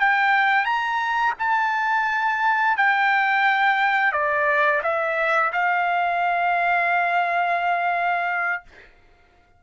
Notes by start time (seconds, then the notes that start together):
0.00 G5
0.66 A#5
1.39 A5
2.77 G5
4.13 D5
4.83 E5
5.53 F5